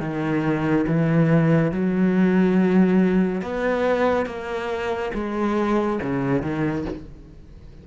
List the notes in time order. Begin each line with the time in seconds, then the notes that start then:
0.00 D#3
0.88 E3
1.72 F#3
3.42 B3
4.26 A#3
5.14 G#3
6.02 C#3
6.42 D#3